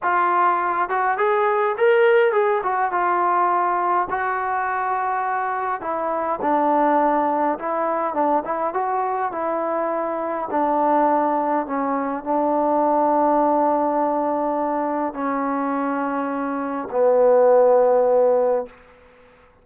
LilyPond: \new Staff \with { instrumentName = "trombone" } { \time 4/4 \tempo 4 = 103 f'4. fis'8 gis'4 ais'4 | gis'8 fis'8 f'2 fis'4~ | fis'2 e'4 d'4~ | d'4 e'4 d'8 e'8 fis'4 |
e'2 d'2 | cis'4 d'2.~ | d'2 cis'2~ | cis'4 b2. | }